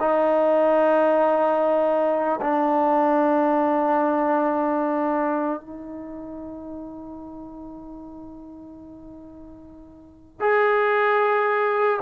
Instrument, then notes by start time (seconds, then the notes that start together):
trombone
0.00 D#4
2.41 D4
5.60 D#4
10.40 G#4